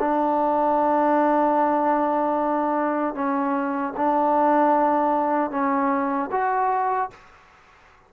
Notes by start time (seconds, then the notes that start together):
0.00 D4
3.15 C#4
3.97 D4
5.51 C#4
6.32 F#4